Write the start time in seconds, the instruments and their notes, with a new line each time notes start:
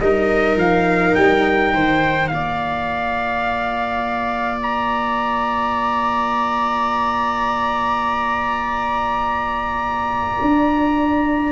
0.00 tuba G3, cello D#4, viola A#4, trumpet D#5
0.56 tuba F3, trumpet F5
1.15 tuba G3, trumpet G5
1.74 tuba D#3, viola C5
2.28 tuba A#3, cello F4, viola D5, trumpet F5
4.62 trumpet A#5
10.41 tuba D4